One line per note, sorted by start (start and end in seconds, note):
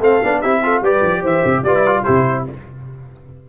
0.00 0.21 A3
0.00 0.22 C4
0.00 0.41 A4
0.00 0.41 F5
0.23 0.44 B3
0.23 0.44 D4
0.41 0.81 C4
0.41 0.64 E4
0.41 0.62 G4
0.41 0.82 E5
0.64 0.84 F4
0.64 0.84 A4
0.81 1.01 G3
0.81 1.66 G4
0.81 1.22 B4
0.81 1.25 D5
1.02 1.22 F3
1.22 1.43 E3
1.22 1.63 C5
1.22 1.64 E5
1.45 1.63 C3
1.63 2.04 G3
1.63 1.76 F4
1.63 2.04 B4
1.63 2.04 D5
1.76 1.87 E4
1.87 2.06 F4
2.04 2.49 C3
2.04 2.47 E4
2.04 2.45 G4
2.04 2.45 C5